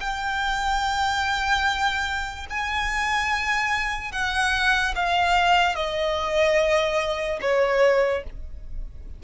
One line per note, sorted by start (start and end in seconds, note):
0.00 2.47 G5
2.50 4.12 G#5
4.12 4.94 F#5
4.95 5.75 F5
5.75 7.40 D#5
7.41 8.23 C#5